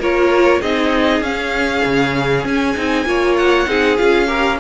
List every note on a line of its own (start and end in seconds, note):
0.00 0.61 A#3
0.00 0.63 F4
0.00 0.61 A#4
0.00 0.62 C#5
0.61 1.21 C4
0.61 1.24 D#4
0.61 3.06 G#4
0.61 1.23 D#5
1.21 1.82 C#4
1.21 2.76 C#4
1.21 2.46 F5
1.85 2.45 C#3
2.45 2.76 C#4
2.45 3.37 G#5
2.76 3.06 C4
2.76 3.06 D#4
3.06 3.67 A#3
3.06 3.67 F4
3.06 3.69 C#5
3.37 3.98 F#5
3.67 3.98 C4
3.67 3.97 D#4
3.67 4.28 G#4
3.98 4.60 C#4
3.98 4.27 F4
3.98 4.59 F5
4.27 4.58 G4
4.27 4.59 A#4